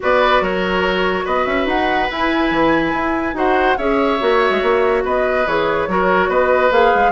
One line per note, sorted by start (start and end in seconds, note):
0.00 0.40 B3
0.00 2.09 F#4
0.00 0.42 B4
0.00 0.44 D5
0.40 1.24 F#3
0.40 1.25 A#4
0.40 1.26 C#5
1.25 1.46 B3
1.25 3.34 B4
1.25 1.46 D#5
1.46 1.66 C#4
1.46 1.67 E5
1.66 2.08 D#4
1.66 2.10 F#5
2.10 3.34 E4
2.10 2.50 E4
2.10 3.37 G#5
2.50 2.92 E3
2.92 3.33 E4
3.33 3.75 D#4
3.33 3.76 F#4
3.33 3.77 C5
3.33 3.77 F#5
3.77 4.20 C#4
3.77 4.19 G#4
3.77 5.03 C#5
3.77 5.03 E5
4.19 4.50 A#3
4.19 5.45 F#4
4.50 4.60 G#3
4.62 5.04 A#3
5.04 5.46 B3
5.04 5.88 B4
5.04 5.47 D#5
5.46 5.87 E3
5.46 5.88 G#4
5.46 6.30 C#5
5.87 6.28 F#3
5.87 6.70 F#4
5.87 6.29 A#4
6.28 6.70 B3
6.28 7.12 B4
6.28 6.72 D#5
6.70 6.92 A#3
6.70 7.12 G#4
6.70 7.12 F5
6.94 7.12 G#3